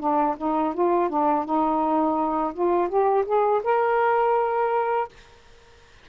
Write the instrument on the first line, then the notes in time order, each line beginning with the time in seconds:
saxophone
0.00 D4
0.38 D#4
0.75 F4
1.10 D4
1.45 D#4
2.54 F4
2.89 G4
3.26 G#4
3.64 A#4